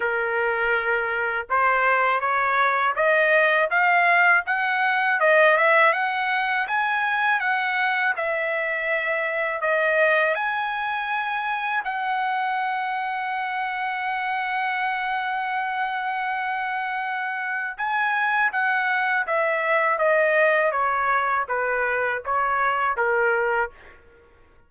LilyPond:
\new Staff \with { instrumentName = "trumpet" } { \time 4/4 \tempo 4 = 81 ais'2 c''4 cis''4 | dis''4 f''4 fis''4 dis''8 e''8 | fis''4 gis''4 fis''4 e''4~ | e''4 dis''4 gis''2 |
fis''1~ | fis''1 | gis''4 fis''4 e''4 dis''4 | cis''4 b'4 cis''4 ais'4 | }